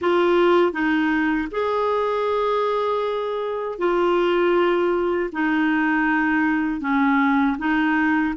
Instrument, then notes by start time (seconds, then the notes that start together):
clarinet
0.01 F4
0.72 D#4
1.51 G#4
3.78 F4
5.32 D#4
6.80 C#4
7.58 D#4